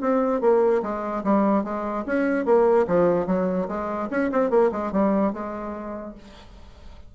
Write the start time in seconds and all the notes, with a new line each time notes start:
0.00 C4
0.41 A#3
0.82 G#3
1.23 G3
1.63 G#3
2.06 C#4
2.45 A#3
2.87 F3
3.26 F#3
3.68 G#3
4.10 C#4
4.32 C4
4.50 A#3
4.71 G#3
4.92 G3
5.33 G#3